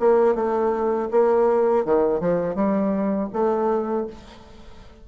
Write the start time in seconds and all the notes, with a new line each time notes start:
0.00 A#3
0.35 A3
1.11 A#3
1.85 D#3
2.20 F3
2.55 G3
3.33 A3